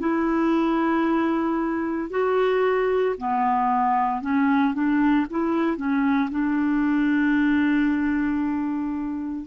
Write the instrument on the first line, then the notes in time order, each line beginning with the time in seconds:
clarinet
0.00 E4
2.11 F#4
3.18 B3
4.22 C#4
4.74 D4
5.31 E4
5.77 C#4
6.31 D4